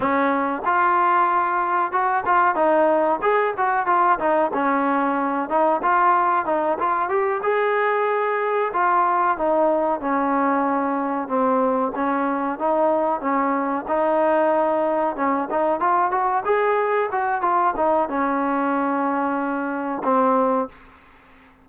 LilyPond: \new Staff \with { instrumentName = "trombone" } { \time 4/4 \tempo 4 = 93 cis'4 f'2 fis'8 f'8 | dis'4 gis'8 fis'8 f'8 dis'8 cis'4~ | cis'8 dis'8 f'4 dis'8 f'8 g'8 gis'8~ | gis'4. f'4 dis'4 cis'8~ |
cis'4. c'4 cis'4 dis'8~ | dis'8 cis'4 dis'2 cis'8 | dis'8 f'8 fis'8 gis'4 fis'8 f'8 dis'8 | cis'2. c'4 | }